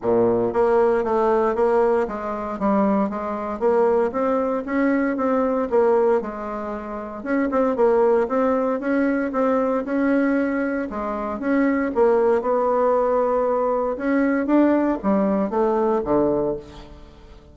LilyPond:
\new Staff \with { instrumentName = "bassoon" } { \time 4/4 \tempo 4 = 116 ais,4 ais4 a4 ais4 | gis4 g4 gis4 ais4 | c'4 cis'4 c'4 ais4 | gis2 cis'8 c'8 ais4 |
c'4 cis'4 c'4 cis'4~ | cis'4 gis4 cis'4 ais4 | b2. cis'4 | d'4 g4 a4 d4 | }